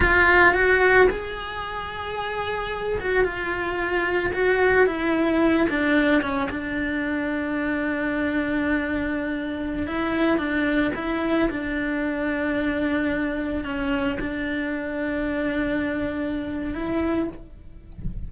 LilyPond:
\new Staff \with { instrumentName = "cello" } { \time 4/4 \tempo 4 = 111 f'4 fis'4 gis'2~ | gis'4. fis'8 f'2 | fis'4 e'4. d'4 cis'8 | d'1~ |
d'2~ d'16 e'4 d'8.~ | d'16 e'4 d'2~ d'8.~ | d'4~ d'16 cis'4 d'4.~ d'16~ | d'2. e'4 | }